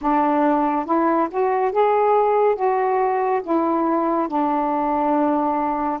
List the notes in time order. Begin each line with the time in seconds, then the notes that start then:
0.01 D4
0.85 E4
1.31 F#4
1.72 G#4
2.55 F#4
3.43 E4
4.28 D4